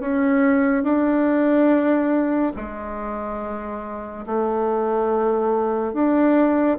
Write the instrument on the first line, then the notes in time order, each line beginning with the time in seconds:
bassoon
0.00 C#4
0.83 D4
2.56 G#3
4.26 A3
5.93 D4